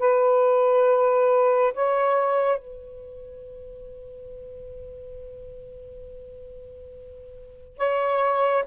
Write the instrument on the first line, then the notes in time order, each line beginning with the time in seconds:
saxophone
0.00 B4
1.74 C#5
2.58 B4
7.78 C#5